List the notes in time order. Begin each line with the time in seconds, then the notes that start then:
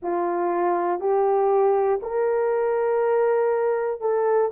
0.02 F4
1.00 G4
2.02 A#4
4.00 A4